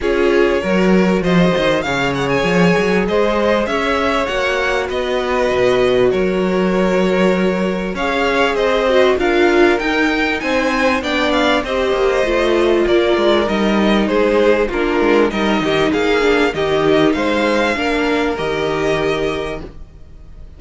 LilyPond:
<<
  \new Staff \with { instrumentName = "violin" } { \time 4/4 \tempo 4 = 98 cis''2 dis''4 f''8 fis''16 gis''16~ | gis''4 dis''4 e''4 fis''4 | dis''2 cis''2~ | cis''4 f''4 dis''4 f''4 |
g''4 gis''4 g''8 f''8 dis''4~ | dis''4 d''4 dis''4 c''4 | ais'4 dis''4 f''4 dis''4 | f''2 dis''2 | }
  \new Staff \with { instrumentName = "violin" } { \time 4/4 gis'4 ais'4 c''4 cis''4~ | cis''4 c''4 cis''2 | b'2 ais'2~ | ais'4 cis''4 c''4 ais'4~ |
ais'4 c''4 d''4 c''4~ | c''4 ais'2 gis'4 | f'4 ais'8 g'8 gis'4 g'4 | c''4 ais'2. | }
  \new Staff \with { instrumentName = "viola" } { \time 4/4 f'4 fis'2 gis'4~ | gis'2. fis'4~ | fis'1~ | fis'4 gis'4. fis'8 f'4 |
dis'2 d'4 g'4 | f'2 dis'2 | d'4 dis'4. d'8 dis'4~ | dis'4 d'4 g'2 | }
  \new Staff \with { instrumentName = "cello" } { \time 4/4 cis'4 fis4 f8 dis8 cis4 | f8 fis8 gis4 cis'4 ais4 | b4 b,4 fis2~ | fis4 cis'4 c'4 d'4 |
dis'4 c'4 b4 c'8 ais8 | a4 ais8 gis8 g4 gis4 | ais8 gis8 g8 dis8 ais4 dis4 | gis4 ais4 dis2 | }
>>